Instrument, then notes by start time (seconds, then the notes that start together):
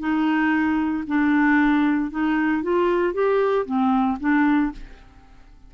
clarinet
0.00 D#4
1.08 D4
2.11 D#4
2.63 F4
3.14 G4
3.66 C4
4.20 D4